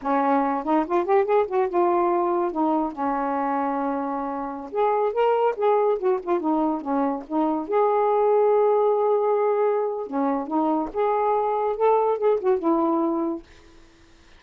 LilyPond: \new Staff \with { instrumentName = "saxophone" } { \time 4/4 \tempo 4 = 143 cis'4. dis'8 f'8 g'8 gis'8 fis'8 | f'2 dis'4 cis'4~ | cis'2.~ cis'16 gis'8.~ | gis'16 ais'4 gis'4 fis'8 f'8 dis'8.~ |
dis'16 cis'4 dis'4 gis'4.~ gis'16~ | gis'1 | cis'4 dis'4 gis'2 | a'4 gis'8 fis'8 e'2 | }